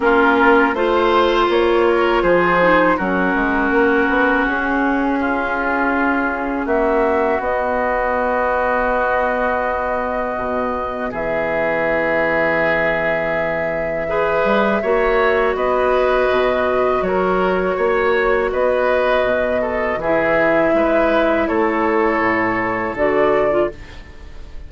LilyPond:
<<
  \new Staff \with { instrumentName = "flute" } { \time 4/4 \tempo 4 = 81 ais'4 c''4 cis''4 c''4 | ais'2 gis'2~ | gis'4 e''4 dis''2~ | dis''2. e''4~ |
e''1~ | e''4 dis''2 cis''4~ | cis''4 dis''2 e''4~ | e''4 cis''2 d''4 | }
  \new Staff \with { instrumentName = "oboe" } { \time 4/4 f'4 c''4. ais'8 gis'4 | fis'2. f'4~ | f'4 fis'2.~ | fis'2. gis'4~ |
gis'2. b'4 | cis''4 b'2 ais'4 | cis''4 b'4. a'8 gis'4 | b'4 a'2. | }
  \new Staff \with { instrumentName = "clarinet" } { \time 4/4 cis'4 f'2~ f'8 dis'8 | cis'1~ | cis'2 b2~ | b1~ |
b2. gis'4 | fis'1~ | fis'2. e'4~ | e'2. fis'8. f'16 | }
  \new Staff \with { instrumentName = "bassoon" } { \time 4/4 ais4 a4 ais4 f4 | fis8 gis8 ais8 b8 cis'2~ | cis'4 ais4 b2~ | b2 b,4 e4~ |
e2.~ e8 g8 | ais4 b4 b,4 fis4 | ais4 b4 b,4 e4 | gis4 a4 a,4 d4 | }
>>